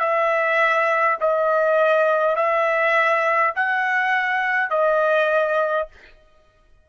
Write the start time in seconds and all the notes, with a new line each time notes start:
0.00 E5
1.21 D#5
2.36 E5
3.56 F#5
4.71 D#5